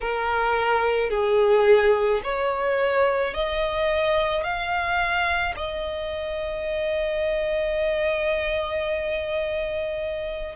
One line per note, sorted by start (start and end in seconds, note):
0.00 1.10 A#4
1.10 2.21 G#4
2.23 3.33 C#5
3.33 4.43 D#5
4.43 5.54 F5
5.56 10.56 D#5